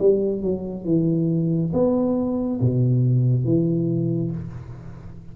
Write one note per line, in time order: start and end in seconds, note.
0.00 0.42 G3
0.42 0.85 F#3
0.85 1.72 E3
1.74 2.60 B3
2.61 3.45 B2
3.45 4.32 E3